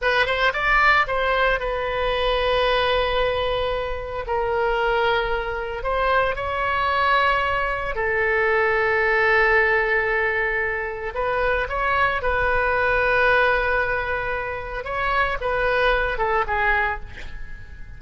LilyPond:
\new Staff \with { instrumentName = "oboe" } { \time 4/4 \tempo 4 = 113 b'8 c''8 d''4 c''4 b'4~ | b'1 | ais'2. c''4 | cis''2. a'4~ |
a'1~ | a'4 b'4 cis''4 b'4~ | b'1 | cis''4 b'4. a'8 gis'4 | }